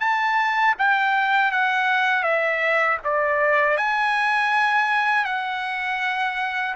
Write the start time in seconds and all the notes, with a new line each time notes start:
0.00 A5
0.79 G5
1.52 F#5
2.23 E5
3.04 D5
3.77 G#5
5.25 F#5